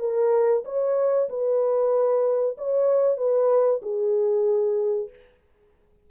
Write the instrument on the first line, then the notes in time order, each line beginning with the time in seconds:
horn
0.00 A#4
0.65 C#5
1.29 B4
2.58 C#5
3.18 B4
3.82 G#4